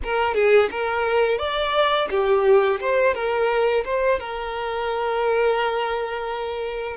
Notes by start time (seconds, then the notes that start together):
0.03 A#4
0.34 G#4
0.70 A#4
1.38 D5
2.10 G4
2.80 C5
3.14 A#4
3.84 C5
4.19 A#4